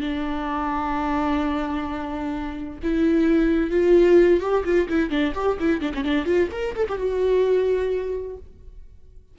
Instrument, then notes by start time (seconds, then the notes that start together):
viola
0.00 D4
2.82 E4
3.70 F4
4.40 G4
4.64 F4
4.89 E4
5.10 D4
5.34 G4
5.59 E4
5.81 D4
5.94 C#4
6.04 D4
6.25 F4
6.51 A#4
6.75 A4
6.88 G4
6.97 F#4